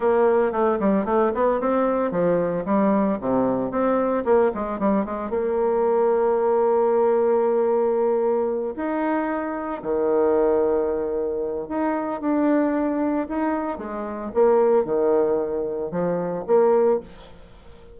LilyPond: \new Staff \with { instrumentName = "bassoon" } { \time 4/4 \tempo 4 = 113 ais4 a8 g8 a8 b8 c'4 | f4 g4 c4 c'4 | ais8 gis8 g8 gis8 ais2~ | ais1~ |
ais8 dis'2 dis4.~ | dis2 dis'4 d'4~ | d'4 dis'4 gis4 ais4 | dis2 f4 ais4 | }